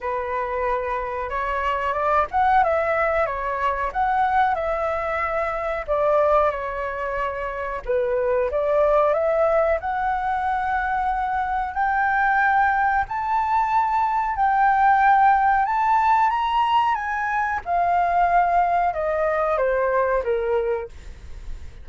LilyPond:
\new Staff \with { instrumentName = "flute" } { \time 4/4 \tempo 4 = 92 b'2 cis''4 d''8 fis''8 | e''4 cis''4 fis''4 e''4~ | e''4 d''4 cis''2 | b'4 d''4 e''4 fis''4~ |
fis''2 g''2 | a''2 g''2 | a''4 ais''4 gis''4 f''4~ | f''4 dis''4 c''4 ais'4 | }